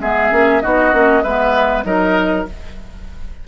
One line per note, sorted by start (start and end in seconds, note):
0.00 0.31 G#3
0.00 0.31 B3
0.00 0.62 G#4
0.00 0.61 E5
0.31 0.62 A#3
0.31 0.62 C#4
0.61 0.93 B3
0.61 0.92 D#4
0.61 1.23 F#4
0.61 1.22 D#5
0.92 1.23 A#3
0.92 1.23 C#4
1.22 1.84 G#3
1.22 1.84 B3
1.22 1.84 B4
1.22 1.84 E5
1.84 2.45 F#3
1.84 2.45 D#4
1.84 2.47 A#4
1.84 2.45 D#5